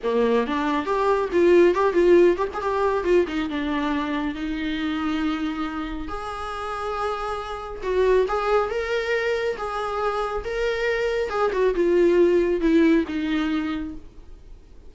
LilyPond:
\new Staff \with { instrumentName = "viola" } { \time 4/4 \tempo 4 = 138 ais4 d'4 g'4 f'4 | g'8 f'4 g'16 gis'16 g'4 f'8 dis'8 | d'2 dis'2~ | dis'2 gis'2~ |
gis'2 fis'4 gis'4 | ais'2 gis'2 | ais'2 gis'8 fis'8 f'4~ | f'4 e'4 dis'2 | }